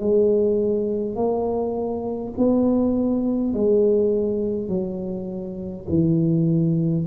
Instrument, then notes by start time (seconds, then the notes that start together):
tuba
0.00 G#3
1.16 A#3
2.38 B3
3.54 G#3
4.68 F#3
5.89 E3